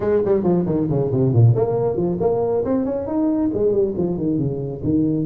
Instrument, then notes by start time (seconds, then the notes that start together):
tuba
0.00 G#3
0.25 G3
0.43 F3
0.66 D#3
0.89 C#3
1.11 C3
1.32 A#2
1.55 A#3
1.96 F3
2.20 A#3
2.65 C4
2.85 C#4
3.06 D#4
3.53 G#3
3.72 G3
3.97 F3
4.17 D#3
4.38 C#3
4.83 D#3